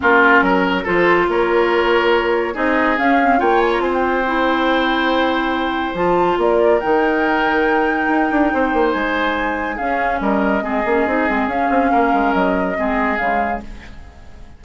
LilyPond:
<<
  \new Staff \with { instrumentName = "flute" } { \time 4/4 \tempo 4 = 141 ais'2 c''4 cis''4~ | cis''2 dis''4 f''4 | g''8 gis''16 ais''16 gis''16 g''2~ g''8.~ | g''2 a''4 d''4 |
g''1~ | g''4 gis''2 f''4 | dis''2. f''4~ | f''4 dis''2 f''4 | }
  \new Staff \with { instrumentName = "oboe" } { \time 4/4 f'4 ais'4 a'4 ais'4~ | ais'2 gis'2 | cis''4 c''2.~ | c''2. ais'4~ |
ais'1 | c''2. gis'4 | ais'4 gis'2. | ais'2 gis'2 | }
  \new Staff \with { instrumentName = "clarinet" } { \time 4/4 cis'2 f'2~ | f'2 dis'4 cis'8 c'8 | f'2 e'2~ | e'2 f'2 |
dis'1~ | dis'2. cis'4~ | cis'4 c'8 cis'8 dis'8 c'8 cis'4~ | cis'2 c'4 gis4 | }
  \new Staff \with { instrumentName = "bassoon" } { \time 4/4 ais4 fis4 f4 ais4~ | ais2 c'4 cis'4 | ais4 c'2.~ | c'2 f4 ais4 |
dis2. dis'8 d'8 | c'8 ais8 gis2 cis'4 | g4 gis8 ais8 c'8 gis8 cis'8 c'8 | ais8 gis8 fis4 gis4 cis4 | }
>>